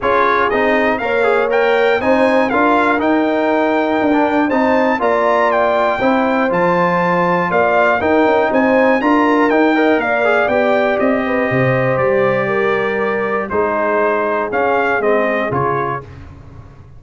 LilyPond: <<
  \new Staff \with { instrumentName = "trumpet" } { \time 4/4 \tempo 4 = 120 cis''4 dis''4 f''4 g''4 | gis''4 f''4 g''2~ | g''4 a''4 ais''4 g''4~ | g''4 a''2 f''4 |
g''4 gis''4 ais''4 g''4 | f''4 g''4 dis''2 | d''2. c''4~ | c''4 f''4 dis''4 cis''4 | }
  \new Staff \with { instrumentName = "horn" } { \time 4/4 gis'2 cis''2 | c''4 ais'2.~ | ais'4 c''4 d''2 | c''2. d''4 |
ais'4 c''4 ais'4. dis''8 | d''2~ d''8 b'8 c''4~ | c''4 ais'2 gis'4~ | gis'1 | }
  \new Staff \with { instrumentName = "trombone" } { \time 4/4 f'4 dis'4 ais'8 gis'8 ais'4 | dis'4 f'4 dis'2~ | dis'16 d'8. dis'4 f'2 | e'4 f'2. |
dis'2 f'4 dis'8 ais'8~ | ais'8 gis'8 g'2.~ | g'2. dis'4~ | dis'4 cis'4 c'4 f'4 | }
  \new Staff \with { instrumentName = "tuba" } { \time 4/4 cis'4 c'4 ais2 | c'4 d'4 dis'2 | d'4 c'4 ais2 | c'4 f2 ais4 |
dis'8 cis'8 c'4 d'4 dis'4 | ais4 b4 c'4 c4 | g2. gis4~ | gis4 cis'4 gis4 cis4 | }
>>